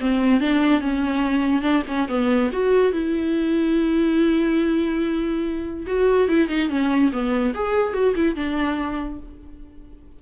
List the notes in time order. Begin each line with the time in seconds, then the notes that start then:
0.00 C4
0.40 D4
0.81 C#4
1.62 D4
1.87 C#4
2.08 B3
2.52 F#4
2.92 E4
5.86 F#4
6.28 E4
6.48 D#4
6.69 C#4
7.12 B3
7.54 G#4
7.93 F#4
8.15 E4
8.35 D4